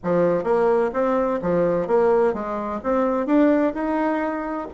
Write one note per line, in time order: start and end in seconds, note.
0.03 0.43 F3
0.43 0.90 A#3
0.93 1.40 C4
1.41 1.87 F3
1.87 2.33 A#3
2.33 2.80 G#3
2.83 3.26 C4
3.26 3.73 D4
3.74 4.67 D#4